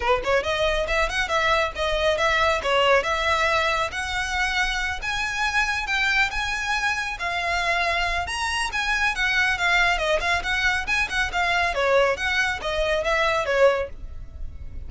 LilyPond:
\new Staff \with { instrumentName = "violin" } { \time 4/4 \tempo 4 = 138 b'8 cis''8 dis''4 e''8 fis''8 e''4 | dis''4 e''4 cis''4 e''4~ | e''4 fis''2~ fis''8 gis''8~ | gis''4. g''4 gis''4.~ |
gis''8 f''2~ f''8 ais''4 | gis''4 fis''4 f''4 dis''8 f''8 | fis''4 gis''8 fis''8 f''4 cis''4 | fis''4 dis''4 e''4 cis''4 | }